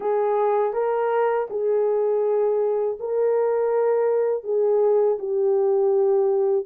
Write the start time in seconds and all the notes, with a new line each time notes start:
0.00 G#4
0.73 A#4
1.49 G#4
2.99 A#4
4.43 G#4
5.18 G4